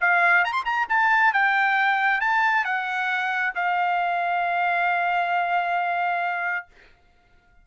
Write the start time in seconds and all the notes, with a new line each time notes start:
0.00 F5
0.44 A#5
0.52 C6
0.65 A#5
0.89 A5
1.33 G5
2.20 A5
2.64 F#5
3.55 F5